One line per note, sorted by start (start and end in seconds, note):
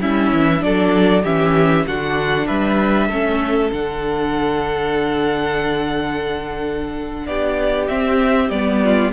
0.00 0.32 G3
0.00 0.59 C#4
0.00 0.62 E4
0.00 0.62 E5
0.32 0.63 E3
0.59 1.24 F#3
0.59 1.21 D4
0.59 1.23 A4
0.59 1.24 D5
1.23 1.86 E3
1.23 1.87 C#4
1.23 1.85 G4
1.23 1.86 E5
1.86 2.48 D3
1.86 3.10 D4
1.86 2.47 F#4
1.86 2.47 F#5
2.47 3.09 G3
2.47 3.07 B4
2.47 3.70 E5
3.07 3.70 A3
3.07 3.72 C#4
3.07 7.25 A4
3.72 7.27 D3
3.72 7.88 D4
3.72 7.26 F#5
7.26 7.89 B3
7.26 8.83 G4
7.26 7.88 D5
7.88 8.50 C4
7.88 8.49 C4
7.88 8.49 E5
8.49 9.11 G3
8.49 9.12 B3
8.49 9.11 D5
8.84 9.12 F4